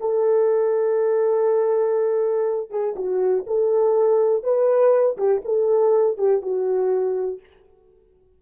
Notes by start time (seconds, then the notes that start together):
0.00 A4
2.70 G#4
2.96 F#4
3.46 A4
4.43 B4
5.17 G4
5.44 A4
6.18 G4
6.42 F#4